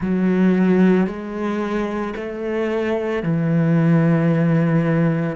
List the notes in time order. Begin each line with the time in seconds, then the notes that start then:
0.00 F#3
1.07 G#3
2.16 A3
3.22 E3